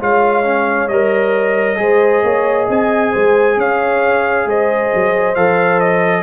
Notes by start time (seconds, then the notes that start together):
0.00 G#3 F4 C#5 F5
0.44 C#4
0.88 G3 A#4 D#5
1.76 G#3 G#4 C5
2.24 A#3 C#5
2.66 C4 D#5 G#5
3.12 G#3 C5
3.57 C#4 C#5 F5
4.46 G#3 C5 D#5
4.94 F#3
5.35 F3 A4 F5
5.80 D#5